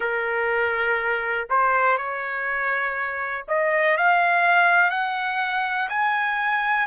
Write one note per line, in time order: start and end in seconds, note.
0.00 1.48 A#4
1.49 1.97 C5
1.97 3.45 C#5
3.48 3.97 D#5
3.97 4.90 F5
4.90 5.88 F#5
5.89 6.87 G#5